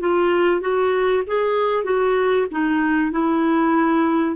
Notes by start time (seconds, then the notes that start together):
0.00 F4
0.61 F#4
1.27 G#4
1.84 F#4
2.51 D#4
3.12 E4